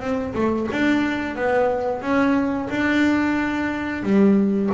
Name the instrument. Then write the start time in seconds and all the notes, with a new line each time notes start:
double bass
0.00 C4
0.34 A3
0.71 D4
1.35 B3
2.02 C#4
2.69 D4
4.03 G3